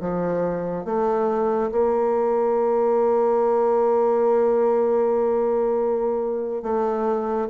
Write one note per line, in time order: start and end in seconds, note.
0.00 0.85 F3
0.85 1.71 A3
1.71 6.63 A#3
6.63 7.48 A3